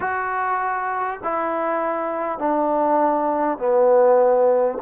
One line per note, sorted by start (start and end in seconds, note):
0.00 1.19 F#4
1.23 2.38 E4
2.38 3.58 D4
3.58 4.78 B3